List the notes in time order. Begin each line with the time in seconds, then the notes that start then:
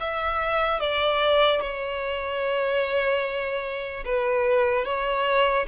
0.00 E5
0.80 D5
1.61 C#5
4.05 B4
4.85 C#5